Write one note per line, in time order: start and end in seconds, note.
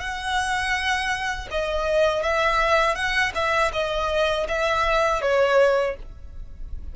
0.00 1.48 F#5
1.51 2.23 D#5
2.23 2.95 E5
2.95 3.32 F#5
3.35 3.72 E5
3.73 4.47 D#5
4.48 5.22 E5
5.22 5.96 C#5